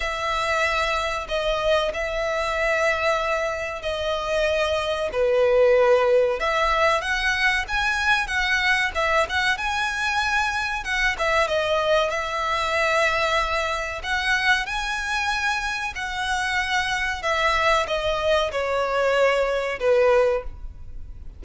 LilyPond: \new Staff \with { instrumentName = "violin" } { \time 4/4 \tempo 4 = 94 e''2 dis''4 e''4~ | e''2 dis''2 | b'2 e''4 fis''4 | gis''4 fis''4 e''8 fis''8 gis''4~ |
gis''4 fis''8 e''8 dis''4 e''4~ | e''2 fis''4 gis''4~ | gis''4 fis''2 e''4 | dis''4 cis''2 b'4 | }